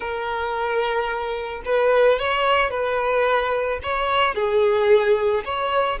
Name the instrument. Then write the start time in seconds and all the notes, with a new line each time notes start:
violin
0.00 A#4
1.65 B4
2.19 C#5
2.70 B4
3.82 C#5
4.35 G#4
5.44 C#5